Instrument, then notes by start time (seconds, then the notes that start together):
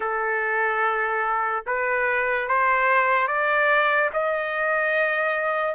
trumpet
0.00 A4
1.66 B4
2.48 C5
3.27 D5
4.13 D#5